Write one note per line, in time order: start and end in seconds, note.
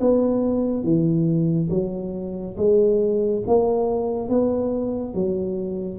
0.00 0.83 B3
0.83 1.69 E3
1.69 2.55 F#3
2.57 3.42 G#3
3.47 4.29 A#3
4.29 5.14 B3
5.14 5.99 F#3